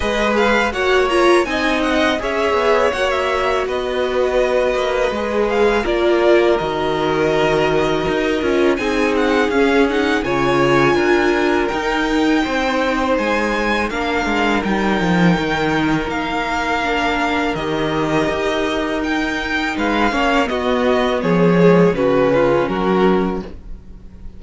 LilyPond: <<
  \new Staff \with { instrumentName = "violin" } { \time 4/4 \tempo 4 = 82 dis''8 f''8 fis''8 ais''8 gis''8 fis''8 e''4 | fis''16 e''8. dis''2~ dis''8 f''8 | d''4 dis''2. | gis''8 fis''8 f''8 fis''8 gis''2 |
g''2 gis''4 f''4 | g''2 f''2 | dis''2 g''4 f''4 | dis''4 cis''4 b'4 ais'4 | }
  \new Staff \with { instrumentName = "violin" } { \time 4/4 b'4 cis''4 dis''4 cis''4~ | cis''4 b'2. | ais'1 | gis'2 cis''4 ais'4~ |
ais'4 c''2 ais'4~ | ais'1~ | ais'2. b'8 cis''8 | fis'4 gis'4 fis'8 f'8 fis'4 | }
  \new Staff \with { instrumentName = "viola" } { \time 4/4 gis'4 fis'8 f'8 dis'4 gis'4 | fis'2. gis'4 | f'4 fis'2~ fis'8 f'8 | dis'4 cis'8 dis'8 f'2 |
dis'2. d'4 | dis'2. d'4 | g'2 dis'4. cis'8 | b4. gis8 cis'2 | }
  \new Staff \with { instrumentName = "cello" } { \time 4/4 gis4 ais4 c'4 cis'8 b8 | ais4 b4. ais8 gis4 | ais4 dis2 dis'8 cis'8 | c'4 cis'4 cis4 d'4 |
dis'4 c'4 gis4 ais8 gis8 | g8 f8 dis4 ais2 | dis4 dis'2 gis8 ais8 | b4 f4 cis4 fis4 | }
>>